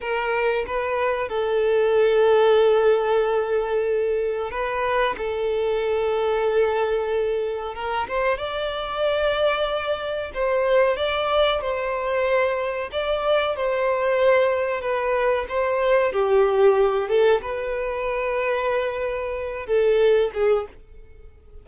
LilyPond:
\new Staff \with { instrumentName = "violin" } { \time 4/4 \tempo 4 = 93 ais'4 b'4 a'2~ | a'2. b'4 | a'1 | ais'8 c''8 d''2. |
c''4 d''4 c''2 | d''4 c''2 b'4 | c''4 g'4. a'8 b'4~ | b'2~ b'8 a'4 gis'8 | }